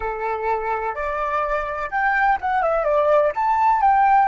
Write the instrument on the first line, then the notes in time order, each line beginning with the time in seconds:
flute
0.00 A4
0.94 D5
1.90 G5
2.40 F#5
2.62 E5
2.84 D5
3.35 A5
3.81 G5